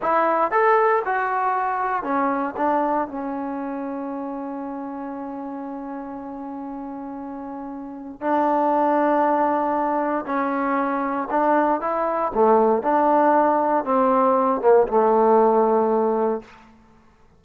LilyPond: \new Staff \with { instrumentName = "trombone" } { \time 4/4 \tempo 4 = 117 e'4 a'4 fis'2 | cis'4 d'4 cis'2~ | cis'1~ | cis'1 |
d'1 | cis'2 d'4 e'4 | a4 d'2 c'4~ | c'8 ais8 a2. | }